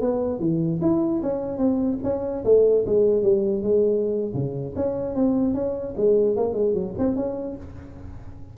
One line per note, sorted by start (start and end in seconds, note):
0.00 0.39 B3
0.39 0.79 E3
0.81 1.21 E4
1.22 1.57 C#4
1.57 1.97 C4
2.03 2.43 C#4
2.44 2.85 A3
2.86 3.22 G#3
3.22 3.62 G3
3.62 4.33 G#3
4.33 4.74 C#3
4.75 5.15 C#4
5.15 5.54 C4
5.54 5.94 C#4
5.97 6.36 G#3
6.36 6.53 A#3
6.53 6.73 G#3
6.74 6.94 F#3
6.98 7.15 C4
7.15 7.56 C#4